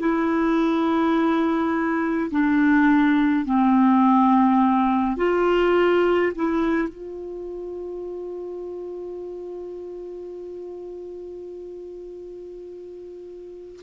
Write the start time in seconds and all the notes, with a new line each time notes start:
0.00 E4
2.31 D4
3.46 C4
5.17 F4
6.36 E4
6.89 F4